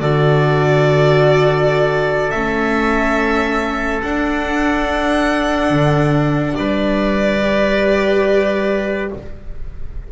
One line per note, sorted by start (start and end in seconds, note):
0.00 2.32 D3
0.00 2.33 F#4
0.00 6.57 A4
0.00 2.31 D5
2.31 4.03 A3
2.31 4.02 C#4
2.31 4.00 E5
4.02 7.40 D4
4.02 5.70 D4
4.02 6.55 F#5
5.70 6.55 D3
6.55 9.11 G3
6.55 9.12 B4
6.55 9.09 D5
7.41 9.10 G4